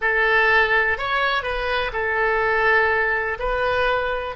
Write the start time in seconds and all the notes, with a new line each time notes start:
0.01 A4
0.98 C#5
1.42 B4
1.92 A4
3.39 B4